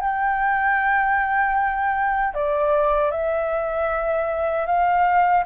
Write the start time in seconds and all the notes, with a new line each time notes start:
0.00 G5
2.34 D5
3.11 E5
4.66 F5